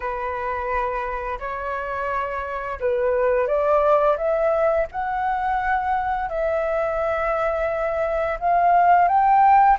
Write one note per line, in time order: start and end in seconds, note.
0.00 1.38 B4
1.39 2.79 C#5
2.79 3.47 B4
3.47 4.17 D5
4.17 4.87 E5
4.91 6.29 F#5
6.29 8.38 E5
8.39 9.08 F5
9.08 9.77 G5